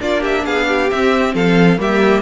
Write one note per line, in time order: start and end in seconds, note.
0.00 0.45 A#3
0.00 0.89 D4
0.00 0.21 F4
0.00 0.23 D5
0.21 0.43 G4
0.21 0.46 E5
0.45 0.90 B3
0.45 0.67 G#4
0.45 0.90 F5
0.68 1.34 G4
0.90 1.78 C4
0.90 1.34 C4
0.90 1.35 E5
1.34 1.78 F3
1.34 1.79 A4
1.34 1.80 F5
1.78 2.22 G3
1.78 2.22 A#3
1.78 2.22 G4
1.78 2.22 E5